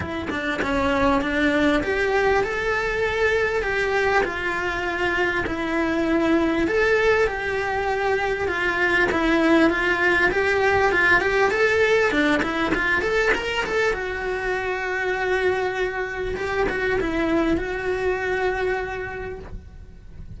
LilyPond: \new Staff \with { instrumentName = "cello" } { \time 4/4 \tempo 4 = 99 e'8 d'8 cis'4 d'4 g'4 | a'2 g'4 f'4~ | f'4 e'2 a'4 | g'2 f'4 e'4 |
f'4 g'4 f'8 g'8 a'4 | d'8 e'8 f'8 a'8 ais'8 a'8 fis'4~ | fis'2. g'8 fis'8 | e'4 fis'2. | }